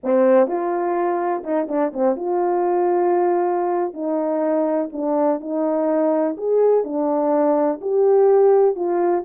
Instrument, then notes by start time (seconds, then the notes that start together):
horn
0.03 C4
0.47 F4
1.43 D#4
1.68 D4
1.93 C4
2.16 F4
3.93 D#4
4.92 D4
5.40 D#4
6.37 G#4
6.83 D4
7.81 G4
8.75 F4